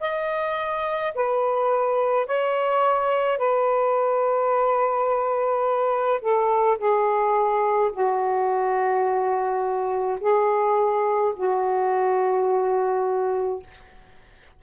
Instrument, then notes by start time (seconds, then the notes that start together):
saxophone
0.00 D#5
1.15 B4
2.26 C#5
3.38 B4
6.21 A4
6.78 G#4
7.92 F#4
10.20 G#4
11.36 F#4